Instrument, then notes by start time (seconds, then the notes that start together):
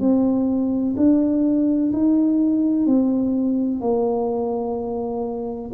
tuba
0.00 C4
0.97 D4
1.93 D#4
2.86 C4
3.81 A#3